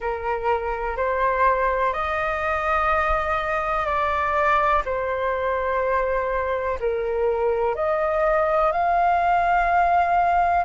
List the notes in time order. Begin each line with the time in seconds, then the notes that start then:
0.00 A#4
0.96 C5
1.93 D#5
3.85 D5
4.85 C5
6.80 A#4
7.75 D#5
8.71 F5